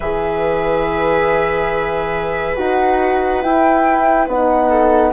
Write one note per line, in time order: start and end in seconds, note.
0.00 2.57 E3
0.00 2.56 G#4
0.00 4.69 B4
0.00 2.57 E5
2.56 3.43 D#4
2.56 3.42 F#4
2.56 3.41 F#5
3.41 4.28 E4
3.41 4.27 E4
3.41 4.27 G5
4.27 5.12 B3
4.27 5.12 D#4
4.27 5.12 F#5
4.69 5.12 A4